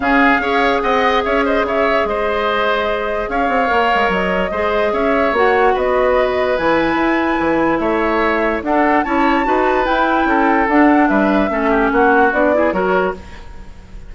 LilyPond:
<<
  \new Staff \with { instrumentName = "flute" } { \time 4/4 \tempo 4 = 146 f''2 fis''4 e''8 dis''8 | e''4 dis''2. | f''2 dis''2 | e''4 fis''4 dis''2 |
gis''2. e''4~ | e''4 fis''4 a''2 | g''2 fis''4 e''4~ | e''4 fis''4 d''4 cis''4 | }
  \new Staff \with { instrumentName = "oboe" } { \time 4/4 gis'4 cis''4 dis''4 cis''8 c''8 | cis''4 c''2. | cis''2. c''4 | cis''2 b'2~ |
b'2. cis''4~ | cis''4 a'4 cis''4 b'4~ | b'4 a'2 b'4 | a'8 g'8 fis'4. gis'8 ais'4 | }
  \new Staff \with { instrumentName = "clarinet" } { \time 4/4 cis'4 gis'2.~ | gis'1~ | gis'4 ais'2 gis'4~ | gis'4 fis'2. |
e'1~ | e'4 d'4 e'4 fis'4 | e'2 d'2 | cis'2 d'8 e'8 fis'4 | }
  \new Staff \with { instrumentName = "bassoon" } { \time 4/4 cis4 cis'4 c'4 cis'4 | cis4 gis2. | cis'8 c'8 ais8 gis8 fis4 gis4 | cis'4 ais4 b2 |
e4 e'4 e4 a4~ | a4 d'4 cis'4 dis'4 | e'4 cis'4 d'4 g4 | a4 ais4 b4 fis4 | }
>>